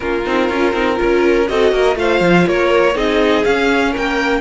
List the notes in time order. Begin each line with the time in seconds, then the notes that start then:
0.00 A#3 C#4 F4 A#4
0.25 C4 D#4
0.49 C#4 F4
0.73 C4 D#4
0.95 F4 A#4
1.02 C#4
1.48 C4 F#4 A4 D#5
1.71 A#3 A#4
1.94 A3 F4 C5 F5
2.20 F3
2.46 A#3 A#4 C#5
2.94 C4 D#4 G#4 D#5
3.44 C#4 F5
3.91 A#3 A#4 G5